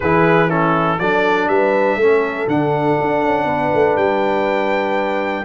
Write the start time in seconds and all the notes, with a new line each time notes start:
0.00 E3 E4 G#4 B4
0.49 C#4 E4 A4
0.99 F#3 D4 A4 D5
1.48 G3 B4 E5
1.96 A3 C#4 A4
2.47 D3 D4 F#5
3.00 D4
3.24 C#4
3.44 B3 B4
3.74 A3
3.96 G3 G5